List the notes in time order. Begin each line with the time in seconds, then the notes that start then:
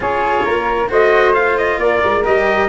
0.00 C#4 F4 G#4 C#5
0.44 A#3 A#4
0.89 A3 F#4 C5 D#5
1.33 F4 F5
1.57 D#5
1.78 A#3 A#4 D5
2.03 G#3
2.24 G3 G4 D#5